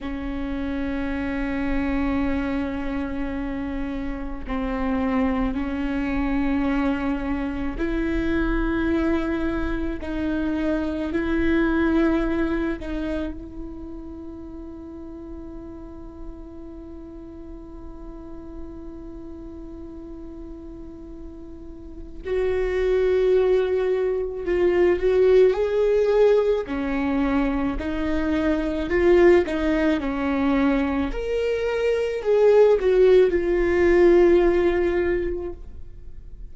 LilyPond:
\new Staff \with { instrumentName = "viola" } { \time 4/4 \tempo 4 = 54 cis'1 | c'4 cis'2 e'4~ | e'4 dis'4 e'4. dis'8 | e'1~ |
e'1 | fis'2 f'8 fis'8 gis'4 | cis'4 dis'4 f'8 dis'8 cis'4 | ais'4 gis'8 fis'8 f'2 | }